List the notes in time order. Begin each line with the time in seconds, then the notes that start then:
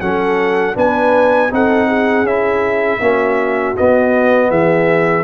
0.00 F#3 C#4 A4 F#5
0.74 B3 D4 B4 G#5
1.51 C4 D#4 A4 F#5
1.87 G#4
2.23 C#4 E4 E5
3.00 A#3 C#4 F#4
3.76 B3 D#5
4.49 E3 G#4 E5